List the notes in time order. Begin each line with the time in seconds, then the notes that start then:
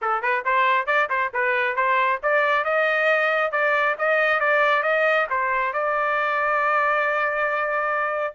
0.01 A4
0.21 B4
0.45 C5
0.86 D5
1.09 C5
1.33 B4
1.76 C5
2.23 D5
2.64 D#5
3.51 D5
3.98 D#5
4.40 D5
4.82 D#5
5.30 C5
5.73 D5